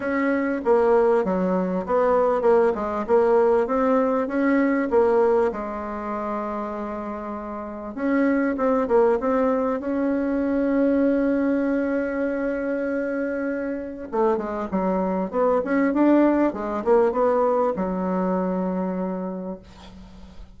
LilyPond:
\new Staff \with { instrumentName = "bassoon" } { \time 4/4 \tempo 4 = 98 cis'4 ais4 fis4 b4 | ais8 gis8 ais4 c'4 cis'4 | ais4 gis2.~ | gis4 cis'4 c'8 ais8 c'4 |
cis'1~ | cis'2. a8 gis8 | fis4 b8 cis'8 d'4 gis8 ais8 | b4 fis2. | }